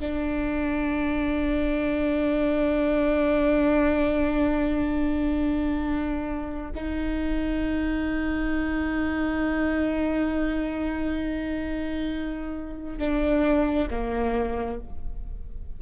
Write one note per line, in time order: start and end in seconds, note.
0.00 6.72 D4
6.75 12.99 D#4
12.99 13.88 D4
13.91 14.80 A#3